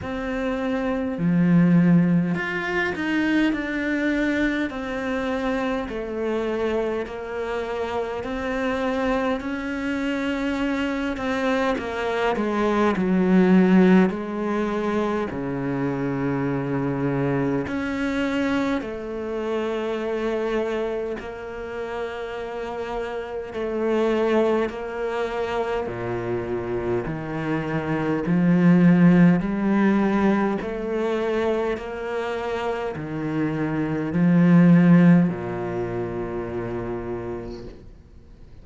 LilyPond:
\new Staff \with { instrumentName = "cello" } { \time 4/4 \tempo 4 = 51 c'4 f4 f'8 dis'8 d'4 | c'4 a4 ais4 c'4 | cis'4. c'8 ais8 gis8 fis4 | gis4 cis2 cis'4 |
a2 ais2 | a4 ais4 ais,4 dis4 | f4 g4 a4 ais4 | dis4 f4 ais,2 | }